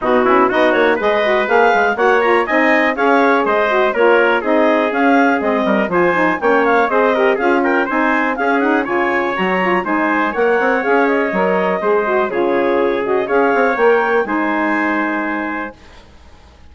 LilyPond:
<<
  \new Staff \with { instrumentName = "clarinet" } { \time 4/4 \tempo 4 = 122 fis'4 dis''8 cis''8 dis''4 f''4 | fis''8 ais''8 gis''4 f''4 dis''4 | cis''4 dis''4 f''4 dis''4 | gis''4 g''8 f''8 dis''4 f''8 g''8 |
gis''4 f''8 fis''8 gis''4 ais''4 | gis''4 fis''4 f''8 dis''4.~ | dis''4 cis''4. dis''8 f''4 | g''4 gis''2. | }
  \new Staff \with { instrumentName = "trumpet" } { \time 4/4 dis'8 e'8 fis'4 b'2 | cis''4 dis''4 cis''4 c''4 | ais'4 gis'2~ gis'8 ais'8 | c''4 cis''4 c''8 ais'8 gis'8 ais'8 |
c''4 gis'4 cis''2 | c''4 cis''2. | c''4 gis'2 cis''4~ | cis''4 c''2. | }
  \new Staff \with { instrumentName = "saxophone" } { \time 4/4 b8 cis'8 dis'4 gis'8 fis'8 gis'4 | fis'8 f'8 dis'4 gis'4. fis'8 | f'4 dis'4 cis'4 c'4 | f'8 dis'8 cis'4 gis'8 g'8 f'4 |
dis'4 cis'8 dis'8 f'4 fis'8 f'8 | dis'4 ais'4 gis'4 ais'4 | gis'8 fis'8 f'4. fis'8 gis'4 | ais'4 dis'2. | }
  \new Staff \with { instrumentName = "bassoon" } { \time 4/4 b,4 b8 ais8 gis4 ais8 gis8 | ais4 c'4 cis'4 gis4 | ais4 c'4 cis'4 gis8 g8 | f4 ais4 c'4 cis'4 |
c'4 cis'4 cis4 fis4 | gis4 ais8 c'8 cis'4 fis4 | gis4 cis2 cis'8 c'8 | ais4 gis2. | }
>>